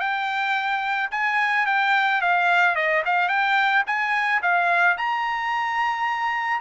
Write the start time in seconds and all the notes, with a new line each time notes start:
0.00 G5
1.11 G#5
1.66 G5
2.21 F5
2.76 D#5
3.06 F5
3.29 G5
3.87 G#5
4.42 F5
4.98 A#5